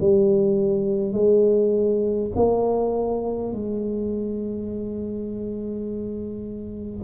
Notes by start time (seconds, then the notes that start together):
0.00 G3
1.13 G#3
2.36 A#3
3.53 G#3